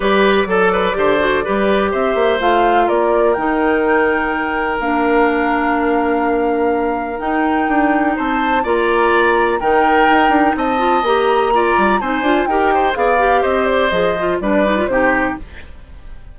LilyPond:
<<
  \new Staff \with { instrumentName = "flute" } { \time 4/4 \tempo 4 = 125 d''1 | e''4 f''4 d''4 g''4~ | g''2 f''2~ | f''2. g''4~ |
g''4 a''4 ais''2 | g''2 a''4 ais''4~ | ais''4 gis''4 g''4 f''4 | dis''8 d''8 dis''4 d''4 c''4 | }
  \new Staff \with { instrumentName = "oboe" } { \time 4/4 b'4 a'8 b'8 c''4 b'4 | c''2 ais'2~ | ais'1~ | ais'1~ |
ais'4 c''4 d''2 | ais'2 dis''2 | d''4 c''4 ais'8 c''8 d''4 | c''2 b'4 g'4 | }
  \new Staff \with { instrumentName = "clarinet" } { \time 4/4 g'4 a'4 g'8 fis'8 g'4~ | g'4 f'2 dis'4~ | dis'2 d'2~ | d'2. dis'4~ |
dis'2 f'2 | dis'2~ dis'8 f'8 g'4 | f'4 dis'8 f'8 g'4 gis'8 g'8~ | g'4 gis'8 f'8 d'8 dis'16 f'16 dis'4 | }
  \new Staff \with { instrumentName = "bassoon" } { \time 4/4 g4 fis4 d4 g4 | c'8 ais8 a4 ais4 dis4~ | dis2 ais2~ | ais2. dis'4 |
d'4 c'4 ais2 | dis4 dis'8 d'8 c'4 ais4~ | ais8 g8 c'8 d'8 dis'4 b4 | c'4 f4 g4 c4 | }
>>